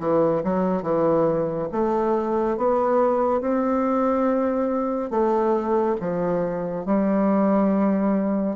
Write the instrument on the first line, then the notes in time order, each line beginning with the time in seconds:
bassoon
0.00 E3
0.44 F#3
0.83 E3
1.72 A3
2.58 B3
3.41 C4
5.11 A3
6.01 F3
6.86 G3